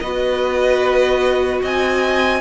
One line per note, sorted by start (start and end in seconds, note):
0.00 1.61 B3
0.00 2.40 F#4
0.00 1.61 B4
0.00 1.60 D#5
1.61 2.40 C4
1.61 2.40 D#5
1.61 2.40 G#5